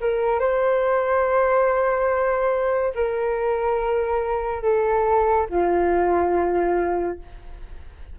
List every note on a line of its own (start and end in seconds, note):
0.00 0.39 A#4
0.39 2.93 C5
2.95 4.62 A#4
4.62 5.47 A4
5.50 7.19 F4